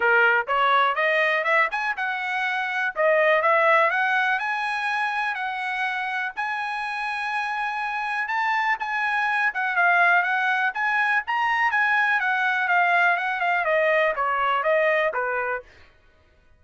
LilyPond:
\new Staff \with { instrumentName = "trumpet" } { \time 4/4 \tempo 4 = 123 ais'4 cis''4 dis''4 e''8 gis''8 | fis''2 dis''4 e''4 | fis''4 gis''2 fis''4~ | fis''4 gis''2.~ |
gis''4 a''4 gis''4. fis''8 | f''4 fis''4 gis''4 ais''4 | gis''4 fis''4 f''4 fis''8 f''8 | dis''4 cis''4 dis''4 b'4 | }